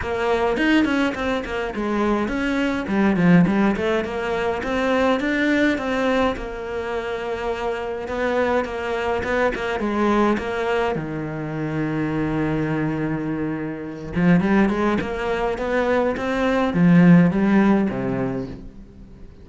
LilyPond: \new Staff \with { instrumentName = "cello" } { \time 4/4 \tempo 4 = 104 ais4 dis'8 cis'8 c'8 ais8 gis4 | cis'4 g8 f8 g8 a8 ais4 | c'4 d'4 c'4 ais4~ | ais2 b4 ais4 |
b8 ais8 gis4 ais4 dis4~ | dis1~ | dis8 f8 g8 gis8 ais4 b4 | c'4 f4 g4 c4 | }